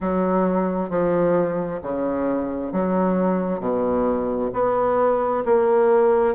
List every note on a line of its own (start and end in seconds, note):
0.00 0.89 F#3
0.89 1.80 F3
1.82 2.72 C#3
2.72 3.60 F#3
3.60 4.50 B2
4.52 5.43 B3
5.45 6.34 A#3